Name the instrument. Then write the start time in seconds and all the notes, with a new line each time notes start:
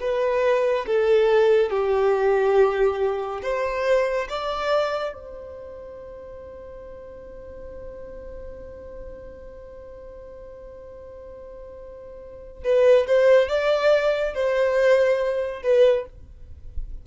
violin
0.00 B4
0.86 A4
1.70 G4
3.42 C5
4.29 D5
5.13 C5
12.64 B4
13.07 C5
13.48 D5
14.34 C5
15.62 B4